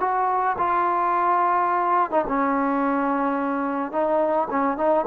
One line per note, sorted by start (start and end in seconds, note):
0.00 0.56 F#4
0.58 2.11 F4
2.11 2.25 D#4
2.28 3.92 C#4
3.92 4.48 D#4
4.50 4.77 C#4
4.77 5.05 D#4